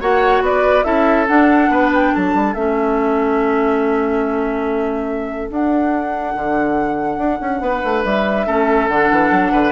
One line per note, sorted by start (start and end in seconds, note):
0.00 0.41 A#3
0.00 0.83 F#4
0.00 0.42 C#5
0.00 0.43 F#5
0.41 0.83 B3
0.41 0.85 B4
0.41 0.83 D5
0.83 1.28 C#4
0.83 1.26 E4
0.83 1.69 A4
0.83 1.26 E5
1.27 2.55 D4
1.27 1.68 D4
1.27 1.90 F#5
1.68 2.11 B3
1.68 2.13 B4
1.94 2.14 G5
2.13 2.34 F#3
2.13 7.62 A4
2.13 2.53 A5
2.34 2.54 G3
2.53 5.49 A3
2.53 5.51 C#4
2.53 5.49 E5
5.49 6.34 D4
5.49 8.47 D4
5.49 8.03 F#5
6.35 7.17 D3
7.17 7.38 D4
7.40 7.60 C#4
7.60 7.81 B3
7.60 8.46 B4
7.83 8.04 A3
8.03 8.46 G3
8.03 8.87 E5
8.46 8.88 A3
8.46 8.89 C#4
8.46 9.51 A4
8.87 9.09 D3
8.87 9.72 D4
8.87 9.72 F#5
9.11 9.30 E3
9.30 9.51 F#3
9.51 9.72 D3
9.51 9.72 B4